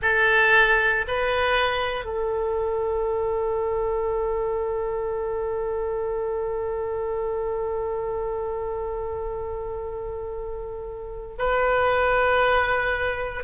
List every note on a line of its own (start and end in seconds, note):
0.02 1.05 A4
1.07 2.05 B4
2.05 11.36 A4
11.38 13.43 B4